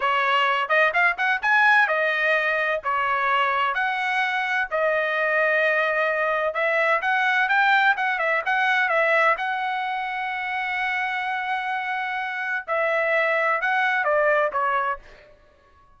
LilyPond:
\new Staff \with { instrumentName = "trumpet" } { \time 4/4 \tempo 4 = 128 cis''4. dis''8 f''8 fis''8 gis''4 | dis''2 cis''2 | fis''2 dis''2~ | dis''2 e''4 fis''4 |
g''4 fis''8 e''8 fis''4 e''4 | fis''1~ | fis''2. e''4~ | e''4 fis''4 d''4 cis''4 | }